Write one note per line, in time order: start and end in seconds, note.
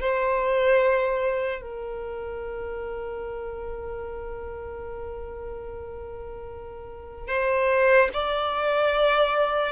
0.00 1.61 C5
1.61 7.28 A#4
7.28 8.09 C5
8.13 9.72 D5